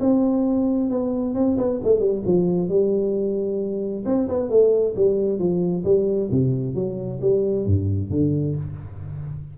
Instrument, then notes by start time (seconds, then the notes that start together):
tuba
0.00 C4
0.90 B3
1.35 C4
1.58 B3
1.84 A3
2.00 G3
2.25 F3
2.69 G3
4.05 C4
4.28 B3
4.49 A3
4.96 G3
5.39 F3
5.84 G3
6.31 C3
6.75 F#3
7.21 G3
7.66 G2
8.10 D3